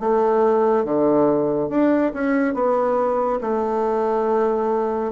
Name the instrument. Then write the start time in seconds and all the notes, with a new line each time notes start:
bassoon
0.00 A3
0.85 D3
1.70 D4
2.14 C#4
2.54 B3
3.41 A3